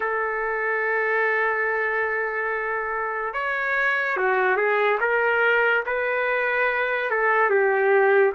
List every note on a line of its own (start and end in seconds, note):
0.00 3.33 A4
3.33 4.17 C#5
4.17 4.56 F#4
4.56 4.98 G#4
5.00 5.83 A#4
5.85 7.10 B4
7.10 7.50 A4
7.50 8.33 G4